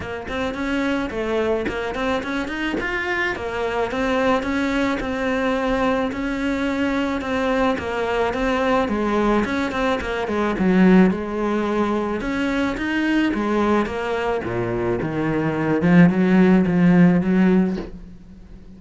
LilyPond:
\new Staff \with { instrumentName = "cello" } { \time 4/4 \tempo 4 = 108 ais8 c'8 cis'4 a4 ais8 c'8 | cis'8 dis'8 f'4 ais4 c'4 | cis'4 c'2 cis'4~ | cis'4 c'4 ais4 c'4 |
gis4 cis'8 c'8 ais8 gis8 fis4 | gis2 cis'4 dis'4 | gis4 ais4 ais,4 dis4~ | dis8 f8 fis4 f4 fis4 | }